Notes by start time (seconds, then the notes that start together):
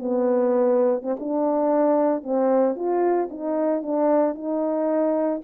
0.00 B3
1.03 C4
1.20 D4
2.23 C4
2.76 F4
3.31 D#4
3.83 D4
4.35 D#4